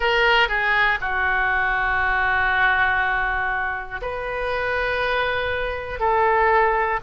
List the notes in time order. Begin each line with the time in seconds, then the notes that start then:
0.00 A#4
0.48 G#4
1.00 F#4
4.01 B4
5.99 A4